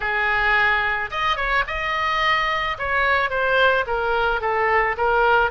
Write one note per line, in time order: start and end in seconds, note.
0.00 1.10 G#4
1.10 1.36 D#5
1.36 1.63 C#5
1.67 2.77 D#5
2.78 3.30 C#5
3.30 3.85 C5
3.87 4.41 A#4
4.41 4.96 A4
4.97 5.50 A#4